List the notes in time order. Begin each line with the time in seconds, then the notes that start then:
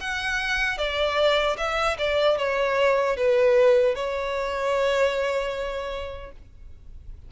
0.00 F#5
0.78 D5
1.57 E5
1.98 D5
2.38 C#5
3.16 B4
3.95 C#5